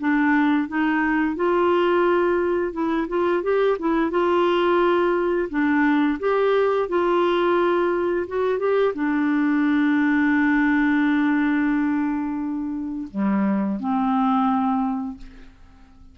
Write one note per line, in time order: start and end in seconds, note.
0.00 0.68 D4
0.68 1.36 D#4
1.36 2.73 F4
2.73 3.07 E4
3.08 3.43 F4
3.43 3.77 G4
3.79 4.11 E4
4.11 5.49 F4
5.50 6.18 D4
6.19 6.88 G4
6.89 8.27 F4
8.27 8.59 F#4
8.59 8.93 G4
8.94 13.08 D4
13.11 13.80 G3
13.80 15.18 C4